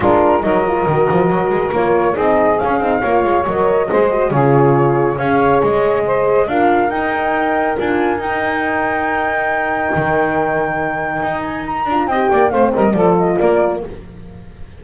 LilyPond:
<<
  \new Staff \with { instrumentName = "flute" } { \time 4/4 \tempo 4 = 139 ais'4 dis''2. | cis''4 dis''4 f''2 | dis''2 cis''2 | f''4 dis''2 f''4 |
g''2 gis''4 g''4~ | g''1~ | g''2~ g''8 gis''8 ais''4 | g''4 f''8 dis''8 d''8 dis''8 d''4 | }
  \new Staff \with { instrumentName = "saxophone" } { \time 4/4 f'4 ais'2.~ | ais'4 gis'2 cis''4~ | cis''4 c''4 gis'2 | cis''2 c''4 ais'4~ |
ais'1~ | ais'1~ | ais'1 | dis''8 d''8 c''8 ais'8 a'4 ais'4 | }
  \new Staff \with { instrumentName = "horn" } { \time 4/4 d'4 dis'8 f'8 fis'2 | f'4 dis'4 cis'8 dis'8 f'4 | ais'4 gis'8 fis'8 f'2 | gis'2. f'4 |
dis'2 f'4 dis'4~ | dis'1~ | dis'2.~ dis'8 f'8 | g'4 c'4 f'2 | }
  \new Staff \with { instrumentName = "double bass" } { \time 4/4 gis4 fis4 dis8 f8 fis8 gis8 | ais4 c'4 cis'8 c'8 ais8 gis8 | fis4 gis4 cis2 | cis'4 gis2 d'4 |
dis'2 d'4 dis'4~ | dis'2. dis4~ | dis2 dis'4. d'8 | c'8 ais8 a8 g8 f4 ais4 | }
>>